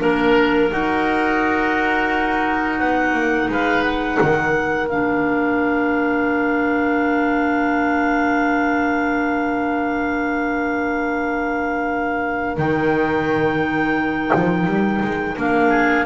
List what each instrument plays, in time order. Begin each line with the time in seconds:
0.00 double bass A#3, clarinet D4 A#4, oboe A#4
0.71 clarinet D#4, double bass D#4, oboe F#4
2.80 double bass B3, clarinet F#5
3.14 double bass A#3
3.49 double bass G#3, oboe B4, clarinet F5
3.84 clarinet F#5
4.20 double bass D#3, oboe A#4
4.89 double bass A#3, clarinet D4 F5
12.58 double bass D#3, clarinet D#4 G5
14.35 double bass F3
14.67 double bass G3
15.03 double bass G#3
15.37 double bass A#3, clarinet D4 F5
15.70 oboe G#4